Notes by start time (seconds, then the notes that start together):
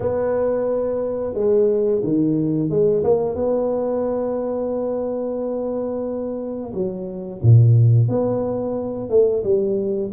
0.00 B3
1.33 G#3
2.03 D#3
2.69 G#3
3.03 A#3
3.35 B3
6.73 F#3
7.42 A#2
8.08 B3
9.09 A3
9.43 G3